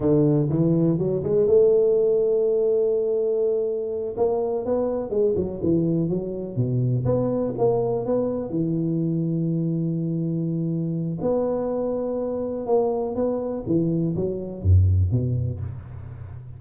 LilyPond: \new Staff \with { instrumentName = "tuba" } { \time 4/4 \tempo 4 = 123 d4 e4 fis8 gis8 a4~ | a1~ | a8 ais4 b4 gis8 fis8 e8~ | e8 fis4 b,4 b4 ais8~ |
ais8 b4 e2~ e8~ | e2. b4~ | b2 ais4 b4 | e4 fis4 fis,4 b,4 | }